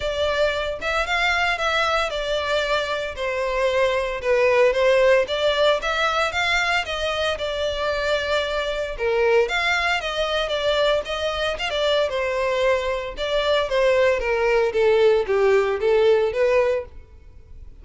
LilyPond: \new Staff \with { instrumentName = "violin" } { \time 4/4 \tempo 4 = 114 d''4. e''8 f''4 e''4 | d''2 c''2 | b'4 c''4 d''4 e''4 | f''4 dis''4 d''2~ |
d''4 ais'4 f''4 dis''4 | d''4 dis''4 f''16 d''8. c''4~ | c''4 d''4 c''4 ais'4 | a'4 g'4 a'4 b'4 | }